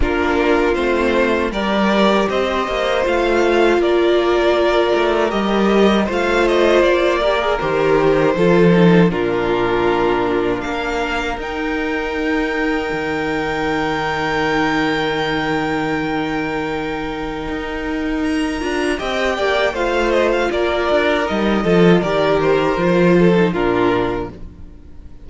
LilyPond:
<<
  \new Staff \with { instrumentName = "violin" } { \time 4/4 \tempo 4 = 79 ais'4 c''4 d''4 dis''4 | f''4 d''2 dis''4 | f''8 dis''8 d''4 c''2 | ais'2 f''4 g''4~ |
g''1~ | g''1 | ais''4 g''4 f''8 dis''16 f''16 d''4 | dis''4 d''8 c''4. ais'4 | }
  \new Staff \with { instrumentName = "violin" } { \time 4/4 f'2 ais'4 c''4~ | c''4 ais'2. | c''4. ais'4. a'4 | f'2 ais'2~ |
ais'1~ | ais'1~ | ais'4 dis''8 d''8 c''4 ais'4~ | ais'8 a'8 ais'4. a'8 f'4 | }
  \new Staff \with { instrumentName = "viola" } { \time 4/4 d'4 c'4 g'2 | f'2. g'4 | f'4. g'16 gis'16 g'4 f'8 dis'8 | d'2. dis'4~ |
dis'1~ | dis'1~ | dis'8 f'8 g'4 f'2 | dis'8 f'8 g'4 f'8. dis'16 d'4 | }
  \new Staff \with { instrumentName = "cello" } { \time 4/4 ais4 a4 g4 c'8 ais8 | a4 ais4. a8 g4 | a4 ais4 dis4 f4 | ais,2 ais4 dis'4~ |
dis'4 dis2.~ | dis2. dis'4~ | dis'8 d'8 c'8 ais8 a4 ais8 d'8 | g8 f8 dis4 f4 ais,4 | }
>>